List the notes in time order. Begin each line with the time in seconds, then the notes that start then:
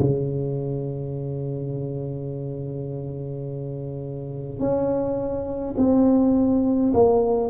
0.00 C#3
4.60 C#4
5.78 C4
6.94 A#3